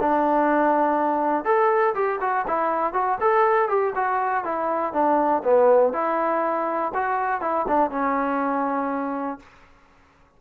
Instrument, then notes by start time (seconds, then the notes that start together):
trombone
0.00 D4
1.45 A4
1.95 G4
2.21 F#4
2.47 E4
2.93 F#4
3.21 A4
3.69 G4
3.95 F#4
4.44 E4
4.93 D4
5.44 B3
5.93 E4
6.94 F#4
7.41 E4
7.68 D4
7.90 C#4